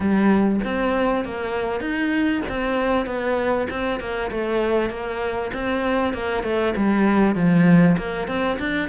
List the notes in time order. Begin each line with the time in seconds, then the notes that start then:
0.00 G3
0.64 C4
1.24 A#3
1.80 D#4
2.48 C4
3.06 B3
3.70 C4
3.99 A#3
4.30 A3
4.90 A#3
5.53 C4
6.13 A#3
6.43 A3
6.76 G3
7.35 F3
7.97 A#3
8.27 C4
8.59 D4